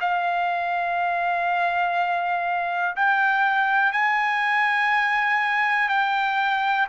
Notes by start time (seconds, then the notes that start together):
0.00 F5
2.96 G5
3.92 G#5
5.88 G5